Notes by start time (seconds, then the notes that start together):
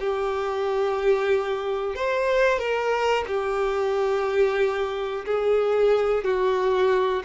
0.00 G4
1.96 C5
2.59 A#4
3.28 G4
5.26 G#4
6.24 F#4